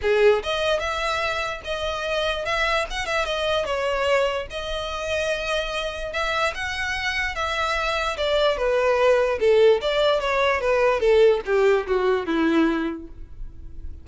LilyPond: \new Staff \with { instrumentName = "violin" } { \time 4/4 \tempo 4 = 147 gis'4 dis''4 e''2 | dis''2 e''4 fis''8 e''8 | dis''4 cis''2 dis''4~ | dis''2. e''4 |
fis''2 e''2 | d''4 b'2 a'4 | d''4 cis''4 b'4 a'4 | g'4 fis'4 e'2 | }